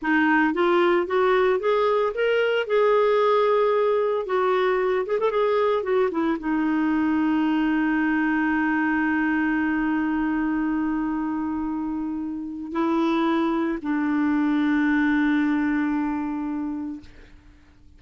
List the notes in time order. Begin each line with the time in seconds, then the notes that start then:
0.02 D#4
0.53 F4
1.06 F#4
1.59 G#4
2.14 A#4
2.66 G#4
4.26 F#4
5.06 G#4
5.19 A4
5.30 G#4
5.83 F#4
6.11 E4
6.39 D#4
12.72 E4
13.81 D4